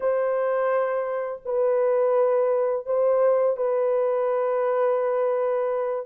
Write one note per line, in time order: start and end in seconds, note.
0.00 1.41 C5
1.44 2.85 B4
2.85 3.56 C5
3.56 6.06 B4